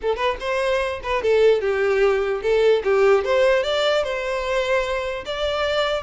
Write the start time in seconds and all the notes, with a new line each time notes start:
0.01 A4
0.16 B4
0.40 C5
1.03 B4
1.22 A4
1.61 G4
2.42 A4
2.84 G4
3.24 C5
3.63 D5
4.03 C5
5.25 D5